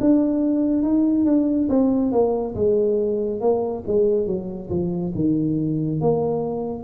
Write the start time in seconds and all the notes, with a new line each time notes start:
0.00 D4
0.82 D#4
1.25 D4
1.69 C4
2.12 A#3
2.55 G#3
3.41 A#3
3.87 G#3
4.26 F#3
4.69 F3
5.15 D#3
6.00 A#3